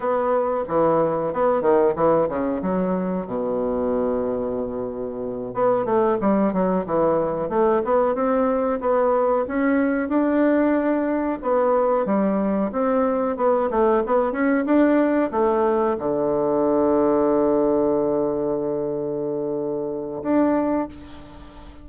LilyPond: \new Staff \with { instrumentName = "bassoon" } { \time 4/4 \tempo 4 = 92 b4 e4 b8 dis8 e8 cis8 | fis4 b,2.~ | b,8 b8 a8 g8 fis8 e4 a8 | b8 c'4 b4 cis'4 d'8~ |
d'4. b4 g4 c'8~ | c'8 b8 a8 b8 cis'8 d'4 a8~ | a8 d2.~ d8~ | d2. d'4 | }